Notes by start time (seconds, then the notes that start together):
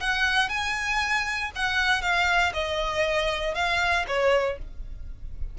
0.00 F#5
0.49 G#5
1.55 F#5
2.02 F5
2.53 D#5
3.55 F5
4.07 C#5